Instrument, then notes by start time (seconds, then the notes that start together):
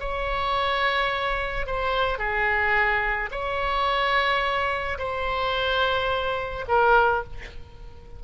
oboe
0.00 C#5
1.66 C5
2.18 G#4
3.31 C#5
4.98 C5
6.68 A#4